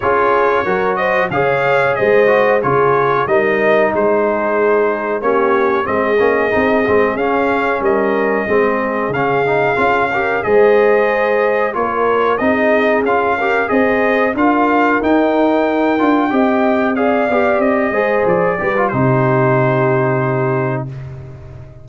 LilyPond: <<
  \new Staff \with { instrumentName = "trumpet" } { \time 4/4 \tempo 4 = 92 cis''4. dis''8 f''4 dis''4 | cis''4 dis''4 c''2 | cis''4 dis''2 f''4 | dis''2 f''2 |
dis''2 cis''4 dis''4 | f''4 dis''4 f''4 g''4~ | g''2 f''4 dis''4 | d''4 c''2. | }
  \new Staff \with { instrumentName = "horn" } { \time 4/4 gis'4 ais'8 c''8 cis''4 c''4 | gis'4 ais'4 gis'2 | g'4 gis'2. | ais'4 gis'2~ gis'8 ais'8 |
c''2 ais'4 gis'4~ | gis'8 ais'8 c''4 ais'2~ | ais'4 dis''4 d''4. c''8~ | c''8 b'8 g'2. | }
  \new Staff \with { instrumentName = "trombone" } { \time 4/4 f'4 fis'4 gis'4. fis'8 | f'4 dis'2. | cis'4 c'8 cis'8 dis'8 c'8 cis'4~ | cis'4 c'4 cis'8 dis'8 f'8 g'8 |
gis'2 f'4 dis'4 | f'8 g'8 gis'4 f'4 dis'4~ | dis'8 f'8 g'4 gis'8 g'4 gis'8~ | gis'8 g'16 f'16 dis'2. | }
  \new Staff \with { instrumentName = "tuba" } { \time 4/4 cis'4 fis4 cis4 gis4 | cis4 g4 gis2 | ais4 gis8 ais8 c'8 gis8 cis'4 | g4 gis4 cis4 cis'4 |
gis2 ais4 c'4 | cis'4 c'4 d'4 dis'4~ | dis'8 d'8 c'4. b8 c'8 gis8 | f8 g8 c2. | }
>>